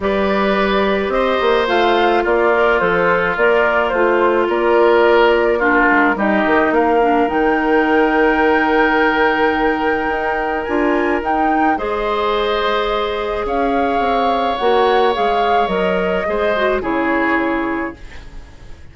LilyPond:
<<
  \new Staff \with { instrumentName = "flute" } { \time 4/4 \tempo 4 = 107 d''2 dis''4 f''4 | d''4 c''4 d''4 c''4 | d''2 ais'4 dis''4 | f''4 g''2.~ |
g''2. gis''4 | g''4 dis''2. | f''2 fis''4 f''4 | dis''2 cis''2 | }
  \new Staff \with { instrumentName = "oboe" } { \time 4/4 b'2 c''2 | f'1 | ais'2 f'4 g'4 | ais'1~ |
ais'1~ | ais'4 c''2. | cis''1~ | cis''4 c''4 gis'2 | }
  \new Staff \with { instrumentName = "clarinet" } { \time 4/4 g'2. f'4~ | f'8 ais'8 a'4 ais'4 f'4~ | f'2 d'4 dis'4~ | dis'8 d'8 dis'2.~ |
dis'2. f'4 | dis'4 gis'2.~ | gis'2 fis'4 gis'4 | ais'4 gis'8 fis'8 e'2 | }
  \new Staff \with { instrumentName = "bassoon" } { \time 4/4 g2 c'8 ais8 a4 | ais4 f4 ais4 a4 | ais2~ ais8 gis8 g8 dis8 | ais4 dis2.~ |
dis2 dis'4 d'4 | dis'4 gis2. | cis'4 c'4 ais4 gis4 | fis4 gis4 cis2 | }
>>